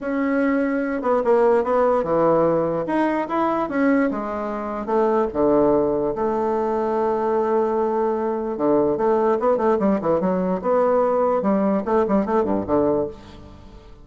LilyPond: \new Staff \with { instrumentName = "bassoon" } { \time 4/4 \tempo 4 = 147 cis'2~ cis'8 b8 ais4 | b4 e2 dis'4 | e'4 cis'4 gis2 | a4 d2 a4~ |
a1~ | a4 d4 a4 b8 a8 | g8 e8 fis4 b2 | g4 a8 g8 a8 g,8 d4 | }